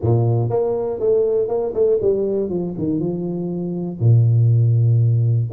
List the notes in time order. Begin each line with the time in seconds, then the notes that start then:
0.01 A#2
0.49 A#3
0.99 A3
1.48 A#3
1.74 A3
2.01 G3
2.49 F3
2.77 D#3
2.99 F3
3.99 A#2